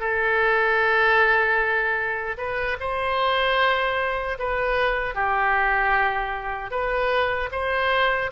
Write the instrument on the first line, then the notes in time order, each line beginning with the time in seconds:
oboe
0.00 A4
2.38 B4
2.80 C5
4.39 B4
5.15 G4
6.71 B4
7.52 C5